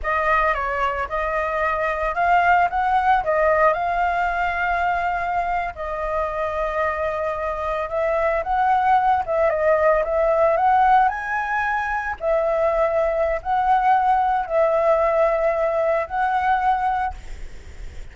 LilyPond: \new Staff \with { instrumentName = "flute" } { \time 4/4 \tempo 4 = 112 dis''4 cis''4 dis''2 | f''4 fis''4 dis''4 f''4~ | f''2~ f''8. dis''4~ dis''16~ | dis''2~ dis''8. e''4 fis''16~ |
fis''4~ fis''16 e''8 dis''4 e''4 fis''16~ | fis''8. gis''2 e''4~ e''16~ | e''4 fis''2 e''4~ | e''2 fis''2 | }